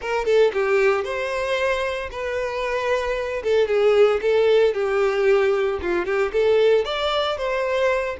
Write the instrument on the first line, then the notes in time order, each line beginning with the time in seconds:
violin
0.01 A#4
0.25 A4
0.53 G4
1.04 C5
2.11 B4
3.43 A4
3.67 G#4
4.21 A4
4.74 G4
5.81 F4
6.05 G4
6.32 A4
6.84 D5
7.37 C5